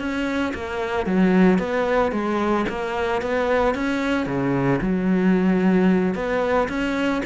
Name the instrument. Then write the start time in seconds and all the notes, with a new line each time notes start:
cello
0.00 C#4
0.55 A#3
1.07 F#3
1.59 B3
2.12 G#3
2.69 A#3
3.22 B3
3.75 C#4
4.27 C#3
4.82 F#3
6.15 B3
6.69 C#4